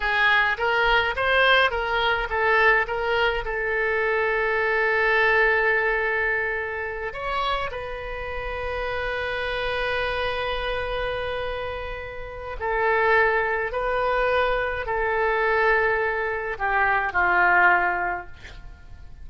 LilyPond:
\new Staff \with { instrumentName = "oboe" } { \time 4/4 \tempo 4 = 105 gis'4 ais'4 c''4 ais'4 | a'4 ais'4 a'2~ | a'1~ | a'8 cis''4 b'2~ b'8~ |
b'1~ | b'2 a'2 | b'2 a'2~ | a'4 g'4 f'2 | }